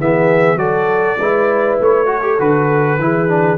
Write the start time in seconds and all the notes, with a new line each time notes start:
0.00 E3 B3 G#4 E5
0.56 F#3 F#4 A4 D5
1.19 G#3 E4 B4
1.80 A3 C#5
2.06 F#4 A4
2.23 G4
2.39 D3 F#4 B4
2.99 E3 E4 G#4
3.28 D4